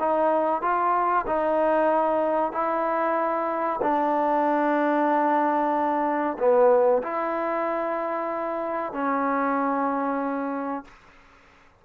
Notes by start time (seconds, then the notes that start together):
0.00 D#4
0.62 F4
1.27 D#4
2.52 E4
3.82 D4
6.39 B3
7.03 E4
8.93 C#4